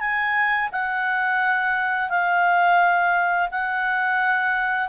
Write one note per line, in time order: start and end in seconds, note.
0.00 0.70 G#5
0.72 2.10 F#5
2.10 3.49 F5
3.51 4.89 F#5